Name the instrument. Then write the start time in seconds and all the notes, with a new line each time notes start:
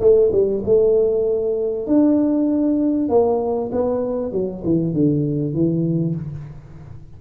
tuba
0.00 A3
0.32 G3
0.65 A3
1.86 D4
3.09 A#3
3.72 B3
4.32 F#3
4.64 E3
4.93 D3
5.53 E3